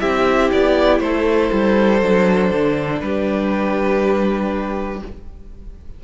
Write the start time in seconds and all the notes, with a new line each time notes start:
0.00 C4 E4 G4 E5
0.52 B3 D5
1.00 A3 A4 C5
1.52 G3
2.01 F#3 D4
2.51 D3
3.01 G3 G4 B4